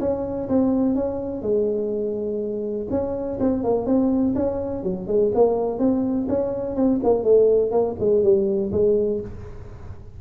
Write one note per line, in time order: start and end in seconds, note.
0.00 0.48 C#4
0.49 0.95 C4
0.95 1.42 C#4
1.42 2.87 G#3
2.90 3.39 C#4
3.40 3.64 C4
3.64 3.86 A#3
3.86 4.34 C4
4.35 4.83 C#4
4.83 5.08 F#3
5.08 5.32 G#3
5.35 5.79 A#3
5.79 6.27 C4
6.29 6.76 C#4
6.76 7.00 C4
7.04 7.24 A#3
7.24 7.71 A3
7.71 7.95 A#3
7.99 8.23 G#3
8.23 8.72 G3
8.72 9.20 G#3